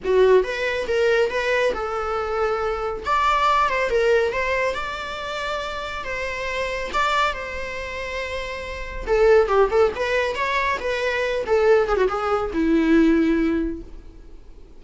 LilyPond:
\new Staff \with { instrumentName = "viola" } { \time 4/4 \tempo 4 = 139 fis'4 b'4 ais'4 b'4 | a'2. d''4~ | d''8 c''8 ais'4 c''4 d''4~ | d''2 c''2 |
d''4 c''2.~ | c''4 a'4 g'8 a'8 b'4 | cis''4 b'4. a'4 gis'16 fis'16 | gis'4 e'2. | }